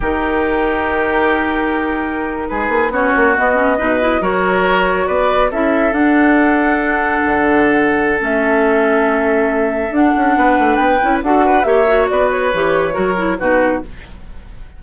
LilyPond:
<<
  \new Staff \with { instrumentName = "flute" } { \time 4/4 \tempo 4 = 139 ais'1~ | ais'4.~ ais'16 b'4 cis''4 dis''16~ | dis''4.~ dis''16 cis''2 d''16~ | d''8. e''4 fis''2~ fis''16~ |
fis''2. e''4~ | e''2. fis''4~ | fis''4 g''4 fis''4 e''4 | d''8 cis''2~ cis''8 b'4 | }
  \new Staff \with { instrumentName = "oboe" } { \time 4/4 g'1~ | g'4.~ g'16 gis'4 fis'4~ fis'16~ | fis'8. b'4 ais'2 b'16~ | b'8. a'2.~ a'16~ |
a'1~ | a'1 | b'2 a'8 b'8 cis''4 | b'2 ais'4 fis'4 | }
  \new Staff \with { instrumentName = "clarinet" } { \time 4/4 dis'1~ | dis'2~ dis'8. cis'4 b16~ | b16 cis'8 dis'8 e'8 fis'2~ fis'16~ | fis'8. e'4 d'2~ d'16~ |
d'2. cis'4~ | cis'2. d'4~ | d'4. e'8 fis'4 g'8 fis'8~ | fis'4 g'4 fis'8 e'8 dis'4 | }
  \new Staff \with { instrumentName = "bassoon" } { \time 4/4 dis1~ | dis4.~ dis16 gis8 ais8 b8 ais8 b16~ | b8. b,4 fis2 b16~ | b8. cis'4 d'2~ d'16~ |
d'8. d2~ d16 a4~ | a2. d'8 cis'8 | b8 a8 b8 cis'8 d'4 ais4 | b4 e4 fis4 b,4 | }
>>